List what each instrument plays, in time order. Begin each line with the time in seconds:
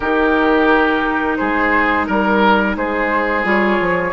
0.00 bassoon D#3, clarinet D#4, oboe G4, flute A#4
1.36 bassoon G#3, oboe G#4, flute C5
2.06 bassoon G3, oboe A#4, flute A#4
2.76 bassoon G#3, oboe G#4, flute C5
3.44 bassoon G3, clarinet F4, flute C#5
3.80 bassoon F3